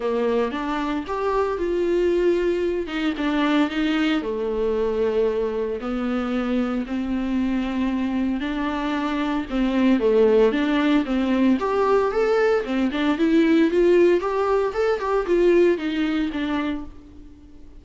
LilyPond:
\new Staff \with { instrumentName = "viola" } { \time 4/4 \tempo 4 = 114 ais4 d'4 g'4 f'4~ | f'4. dis'8 d'4 dis'4 | a2. b4~ | b4 c'2. |
d'2 c'4 a4 | d'4 c'4 g'4 a'4 | c'8 d'8 e'4 f'4 g'4 | a'8 g'8 f'4 dis'4 d'4 | }